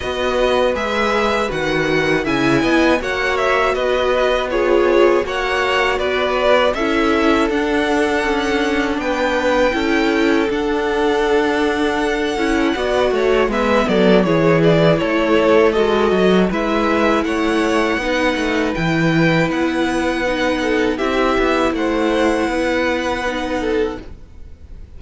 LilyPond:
<<
  \new Staff \with { instrumentName = "violin" } { \time 4/4 \tempo 4 = 80 dis''4 e''4 fis''4 gis''4 | fis''8 e''8 dis''4 cis''4 fis''4 | d''4 e''4 fis''2 | g''2 fis''2~ |
fis''2 e''8 d''8 cis''8 d''8 | cis''4 dis''4 e''4 fis''4~ | fis''4 g''4 fis''2 | e''4 fis''2. | }
  \new Staff \with { instrumentName = "violin" } { \time 4/4 b'2. e''8 dis''8 | cis''4 b'4 gis'4 cis''4 | b'4 a'2. | b'4 a'2.~ |
a'4 d''8 cis''8 b'8 a'8 gis'4 | a'2 b'4 cis''4 | b'2.~ b'8 a'8 | g'4 c''4 b'4. a'8 | }
  \new Staff \with { instrumentName = "viola" } { \time 4/4 fis'4 gis'4 fis'4 e'4 | fis'2 f'4 fis'4~ | fis'4 e'4 d'2~ | d'4 e'4 d'2~ |
d'8 e'8 fis'4 b4 e'4~ | e'4 fis'4 e'2 | dis'4 e'2 dis'4 | e'2. dis'4 | }
  \new Staff \with { instrumentName = "cello" } { \time 4/4 b4 gis4 dis4 cis8 b8 | ais4 b2 ais4 | b4 cis'4 d'4 cis'4 | b4 cis'4 d'2~ |
d'8 cis'8 b8 a8 gis8 fis8 e4 | a4 gis8 fis8 gis4 a4 | b8 a8 e4 b2 | c'8 b8 a4 b2 | }
>>